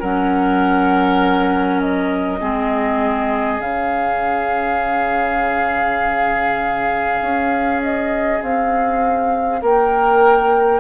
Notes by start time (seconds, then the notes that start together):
0.00 F#3 C#4 A#4 F#5
1.81 D#5
2.40 G#3 C4 G#4
3.59 C#3 C#4 F5
7.21 C#4
7.82 D#5
8.42 C4 F5
9.62 A#3 A#4 G5